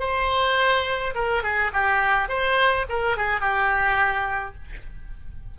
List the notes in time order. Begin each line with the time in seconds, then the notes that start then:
0.00 C5
1.15 A#4
1.43 G#4
1.73 G4
2.29 C5
2.89 A#4
3.17 G#4
3.41 G4